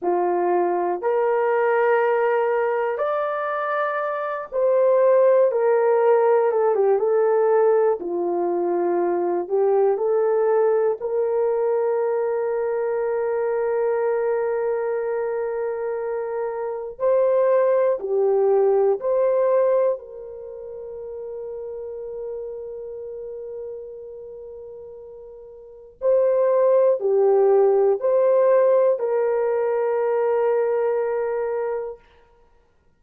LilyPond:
\new Staff \with { instrumentName = "horn" } { \time 4/4 \tempo 4 = 60 f'4 ais'2 d''4~ | d''8 c''4 ais'4 a'16 g'16 a'4 | f'4. g'8 a'4 ais'4~ | ais'1~ |
ais'4 c''4 g'4 c''4 | ais'1~ | ais'2 c''4 g'4 | c''4 ais'2. | }